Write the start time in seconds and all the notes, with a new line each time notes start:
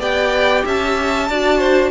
0.00 B3 G4 D5 G5
0.65 C#4 E5 A5
1.29 D4 F#4 D5
1.59 C5